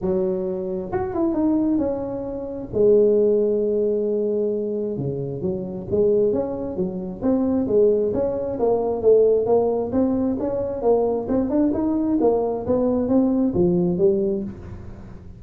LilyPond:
\new Staff \with { instrumentName = "tuba" } { \time 4/4 \tempo 4 = 133 fis2 fis'8 e'8 dis'4 | cis'2 gis2~ | gis2. cis4 | fis4 gis4 cis'4 fis4 |
c'4 gis4 cis'4 ais4 | a4 ais4 c'4 cis'4 | ais4 c'8 d'8 dis'4 ais4 | b4 c'4 f4 g4 | }